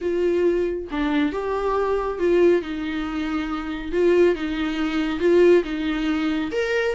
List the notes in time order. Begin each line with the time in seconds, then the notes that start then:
0.01 F4
0.91 D4
1.32 G4
2.18 F4
2.62 D#4
3.92 F4
4.35 D#4
5.19 F4
5.64 D#4
6.51 A#4